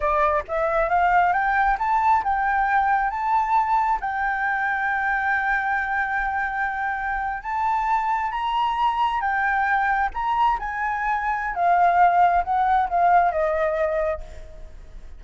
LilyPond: \new Staff \with { instrumentName = "flute" } { \time 4/4 \tempo 4 = 135 d''4 e''4 f''4 g''4 | a''4 g''2 a''4~ | a''4 g''2.~ | g''1~ |
g''8. a''2 ais''4~ ais''16~ | ais''8. g''2 ais''4 gis''16~ | gis''2 f''2 | fis''4 f''4 dis''2 | }